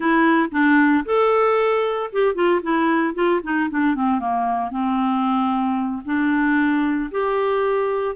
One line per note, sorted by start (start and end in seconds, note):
0.00 0.49 E4
0.51 1.04 D4
1.05 2.10 A4
2.12 2.34 G4
2.34 2.61 F4
2.62 3.14 E4
3.14 3.40 F4
3.43 3.69 D#4
3.70 3.95 D4
3.95 4.19 C4
4.19 4.70 A#3
4.70 6.02 C4
6.05 7.10 D4
7.11 8.15 G4